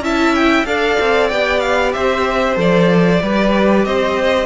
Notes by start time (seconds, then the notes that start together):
0.00 C#4 E4 E5 A5
0.35 G5
0.66 D4 A4 D5 F5
1.00 C4
1.29 B3 G4 G5
1.60 F5
1.93 C4 C5 E5
2.55 F3 A4 D5
3.23 G3 G4 B4
3.85 C4 C5 D#5